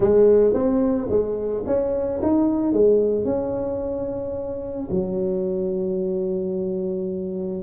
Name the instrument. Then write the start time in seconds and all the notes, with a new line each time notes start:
tuba
0.00 G#3
0.53 C4
1.09 G#3
1.66 C#4
2.22 D#4
2.72 G#3
3.25 C#4
4.90 F#3